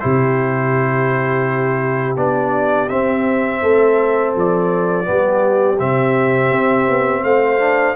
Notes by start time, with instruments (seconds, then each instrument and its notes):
0.00 tuba C3, trombone E4, horn G4, trumpet C5
2.17 tuba B3, trombone D4, trumpet D5
2.89 tuba C4, trombone C4, trumpet E5
3.62 tuba A3, horn A4
4.36 tuba F3, trumpet D5
5.05 tuba G3, trombone B3, horn G4
5.79 tuba C3, trombone C4, trumpet E5
6.51 tuba C4
6.89 tuba B3
7.24 tuba A3, horn C5, trumpet F5
7.59 trombone D4